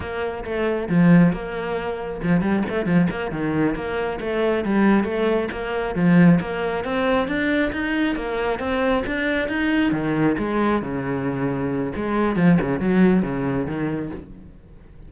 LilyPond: \new Staff \with { instrumentName = "cello" } { \time 4/4 \tempo 4 = 136 ais4 a4 f4 ais4~ | ais4 f8 g8 a8 f8 ais8 dis8~ | dis8 ais4 a4 g4 a8~ | a8 ais4 f4 ais4 c'8~ |
c'8 d'4 dis'4 ais4 c'8~ | c'8 d'4 dis'4 dis4 gis8~ | gis8 cis2~ cis8 gis4 | f8 cis8 fis4 cis4 dis4 | }